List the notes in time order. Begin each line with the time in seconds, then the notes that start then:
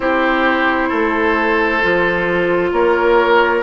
0.00 C4 E4 G4 C5
0.88 A3 A4
1.82 F3 F4
2.72 A#3 A#4 C#5